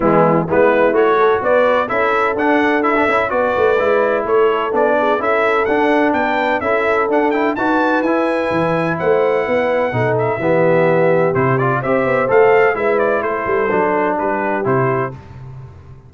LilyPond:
<<
  \new Staff \with { instrumentName = "trumpet" } { \time 4/4 \tempo 4 = 127 e'4 b'4 cis''4 d''4 | e''4 fis''4 e''4 d''4~ | d''4 cis''4 d''4 e''4 | fis''4 g''4 e''4 fis''8 g''8 |
a''4 gis''2 fis''4~ | fis''4. e''2~ e''8 | c''8 d''8 e''4 f''4 e''8 d''8 | c''2 b'4 c''4 | }
  \new Staff \with { instrumentName = "horn" } { \time 4/4 b4 e'4. a'8 b'4 | a'2. b'4~ | b'4 a'4. gis'8 a'4~ | a'4 b'4 a'2 |
b'2. c''4 | b'4 a'4 g'2~ | g'4 c''2 b'4 | a'2 g'2 | }
  \new Staff \with { instrumentName = "trombone" } { \time 4/4 gis4 b4 fis'2 | e'4 d'4 e'16 d'16 e'8 fis'4 | e'2 d'4 e'4 | d'2 e'4 d'8 e'8 |
fis'4 e'2.~ | e'4 dis'4 b2 | e'8 f'8 g'4 a'4 e'4~ | e'4 d'2 e'4 | }
  \new Staff \with { instrumentName = "tuba" } { \time 4/4 e4 gis4 a4 b4 | cis'4 d'4. cis'8 b8 a8 | gis4 a4 b4 cis'4 | d'4 b4 cis'4 d'4 |
dis'4 e'4 e4 a4 | b4 b,4 e2 | c4 c'8 b8 a4 gis4 | a8 g8 fis4 g4 c4 | }
>>